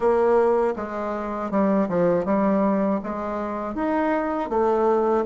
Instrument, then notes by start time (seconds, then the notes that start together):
bassoon
0.00 A#3
0.75 G#3
1.50 G3
1.89 F3
2.25 G3
3.03 G#3
3.74 D#4
4.49 A3